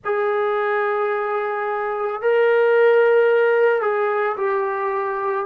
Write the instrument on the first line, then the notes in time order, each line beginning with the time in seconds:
trombone
0.04 G#4
2.21 A#4
3.81 G#4
4.36 G4